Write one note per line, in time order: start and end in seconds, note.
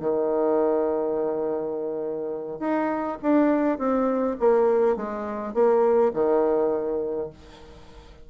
0.00 2.59 D#3
2.59 3.18 D#4
3.22 3.78 D4
3.78 4.37 C4
4.40 4.96 A#3
4.96 5.54 G#3
5.54 6.12 A#3
6.14 7.30 D#3